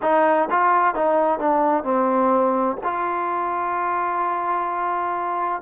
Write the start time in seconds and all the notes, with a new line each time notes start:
0.02 D#4
0.50 F4
0.95 D#4
1.38 D4
1.83 C4
2.83 F4